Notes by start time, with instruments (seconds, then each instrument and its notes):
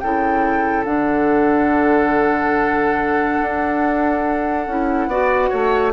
0.00 bassoon C#3, clarinet E4, oboe A4, flute G5
0.85 bassoon D3, clarinet D4, flute F#5
3.42 bassoon D4
4.67 bassoon C#4, clarinet E4
5.07 bassoon B3, clarinet F#4, oboe D5
5.50 bassoon A3, oboe C#5